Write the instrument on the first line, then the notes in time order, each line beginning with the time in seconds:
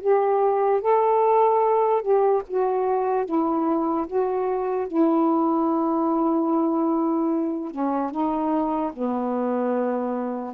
saxophone
0.00 G4
0.81 A4
2.02 G4
2.48 F#4
3.25 E4
4.07 F#4
4.87 E4
7.71 C#4
8.11 D#4
8.93 B3